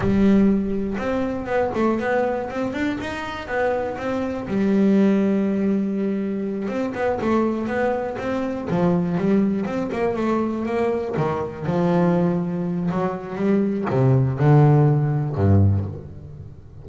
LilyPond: \new Staff \with { instrumentName = "double bass" } { \time 4/4 \tempo 4 = 121 g2 c'4 b8 a8 | b4 c'8 d'8 dis'4 b4 | c'4 g2.~ | g4. c'8 b8 a4 b8~ |
b8 c'4 f4 g4 c'8 | ais8 a4 ais4 dis4 f8~ | f2 fis4 g4 | c4 d2 g,4 | }